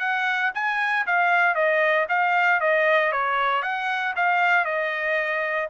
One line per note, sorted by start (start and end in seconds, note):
0.00 0.52 F#5
0.55 1.07 G#5
1.07 1.55 F5
1.55 2.07 D#5
2.09 2.61 F5
2.61 3.12 D#5
3.12 3.63 C#5
3.63 4.14 F#5
4.16 4.65 F5
4.65 5.69 D#5